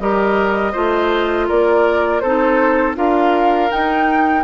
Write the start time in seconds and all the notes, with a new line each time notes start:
0.00 G3 G4 A#4 D#5
0.72 A3 F4 C5
1.48 A#3 A#4 D5
2.20 C4 D#4 A4 C5
2.95 D4 F4 A#4 F5
3.71 D#4 G5